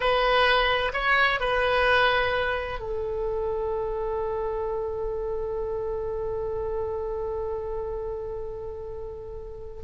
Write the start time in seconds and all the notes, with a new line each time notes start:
0.00 B4
0.93 C#5
1.40 B4
2.79 A4